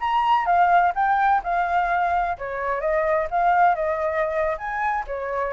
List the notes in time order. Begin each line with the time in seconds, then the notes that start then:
0.00 A#5
0.45 F5
0.95 G5
1.43 F5
2.38 C#5
2.80 D#5
3.30 F5
3.75 D#5
4.57 G#5
5.07 C#5